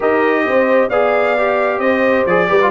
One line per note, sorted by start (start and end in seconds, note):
0.00 0.46 D#4
0.00 0.90 G4
0.00 0.44 A#4
0.00 0.89 D#5
0.46 0.89 C4
0.46 0.89 C5
0.89 1.79 B3
0.89 1.37 G#4
0.89 1.78 D5
0.89 1.79 F5
1.38 2.29 G4
1.78 2.25 C4
1.78 2.46 C5
1.78 2.25 D#5
2.26 2.48 F3
2.26 2.47 G#4
2.26 2.70 D5
2.47 2.70 G3
2.47 2.59 G4
2.47 2.70 B4
2.61 2.70 F4